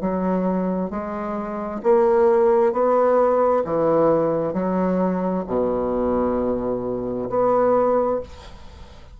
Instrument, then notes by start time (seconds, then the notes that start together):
bassoon
0.00 F#3
0.90 G#3
1.83 A#3
2.72 B3
3.64 E3
4.53 F#3
5.47 B2
7.29 B3